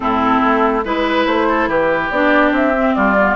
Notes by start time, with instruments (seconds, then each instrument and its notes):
0.00 bassoon A2, clarinet C4, oboe E4, flute A4
0.44 bassoon A3
0.84 bassoon G#3, clarinet E4, oboe B4, flute B4
1.26 bassoon A3, flute C5
1.48 oboe A4
1.67 bassoon E3, oboe G4, flute B4
2.10 bassoon B3, clarinet D4, flute D5
2.51 bassoon C4, flute E5
2.74 clarinet C4
2.94 bassoon G3, oboe F4, flute D5
3.19 clarinet B3